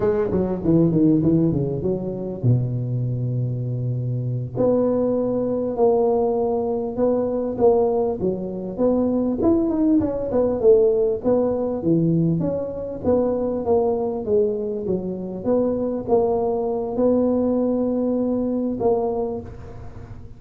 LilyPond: \new Staff \with { instrumentName = "tuba" } { \time 4/4 \tempo 4 = 99 gis8 fis8 e8 dis8 e8 cis8 fis4 | b,2.~ b,8 b8~ | b4. ais2 b8~ | b8 ais4 fis4 b4 e'8 |
dis'8 cis'8 b8 a4 b4 e8~ | e8 cis'4 b4 ais4 gis8~ | gis8 fis4 b4 ais4. | b2. ais4 | }